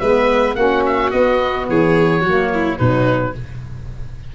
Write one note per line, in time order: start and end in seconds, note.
0.00 0.57 G#3
0.00 0.56 B3
0.00 0.57 B4
0.00 0.56 E5
0.56 1.12 A#3
0.56 1.12 C#4
0.56 1.70 F#4
0.56 0.83 F#5
0.86 1.11 E5
1.11 2.23 B3
1.11 1.69 B3
1.11 1.67 D#5
1.70 2.23 E3
1.70 2.22 G#4
1.70 2.79 C#5
2.22 2.78 F#3
2.22 2.79 A#3
2.22 2.50 F#4
2.54 2.79 E4
2.79 3.36 B2
2.79 3.35 F#3
2.79 3.35 D#4
2.79 3.34 B4